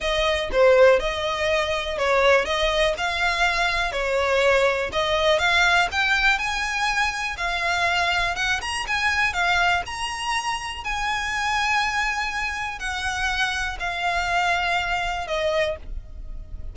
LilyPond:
\new Staff \with { instrumentName = "violin" } { \time 4/4 \tempo 4 = 122 dis''4 c''4 dis''2 | cis''4 dis''4 f''2 | cis''2 dis''4 f''4 | g''4 gis''2 f''4~ |
f''4 fis''8 ais''8 gis''4 f''4 | ais''2 gis''2~ | gis''2 fis''2 | f''2. dis''4 | }